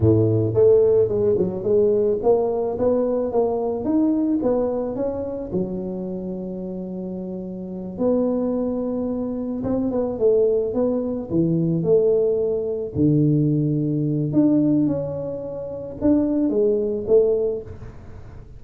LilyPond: \new Staff \with { instrumentName = "tuba" } { \time 4/4 \tempo 4 = 109 a,4 a4 gis8 fis8 gis4 | ais4 b4 ais4 dis'4 | b4 cis'4 fis2~ | fis2~ fis8 b4.~ |
b4. c'8 b8 a4 b8~ | b8 e4 a2 d8~ | d2 d'4 cis'4~ | cis'4 d'4 gis4 a4 | }